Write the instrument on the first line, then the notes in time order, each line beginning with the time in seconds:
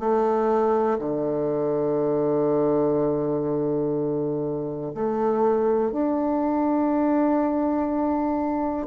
bassoon
0.00 A3
0.99 D3
4.94 A3
5.92 D4